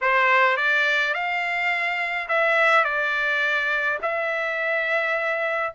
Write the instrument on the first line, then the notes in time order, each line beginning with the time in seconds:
trumpet
0.01 C5
0.56 D5
1.14 F5
2.28 E5
2.84 D5
4.02 E5